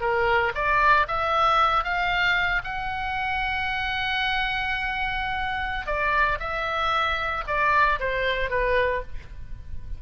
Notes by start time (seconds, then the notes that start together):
0.00 A#4
0.55 D5
1.07 E5
1.84 F5
2.64 F#5
5.86 D5
6.39 E5
7.47 D5
7.99 C5
8.49 B4